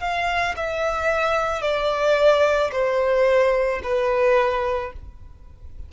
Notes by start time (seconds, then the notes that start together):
0.00 F5
0.56 E5
1.61 D5
2.72 C5
3.83 B4